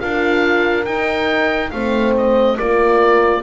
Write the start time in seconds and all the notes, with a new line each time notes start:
0.00 D4 F4 A#4 F5
0.85 D#4 G5
1.71 A3 C4 C5 F5
2.17 D#5
2.57 A#3 F4 A#4 D5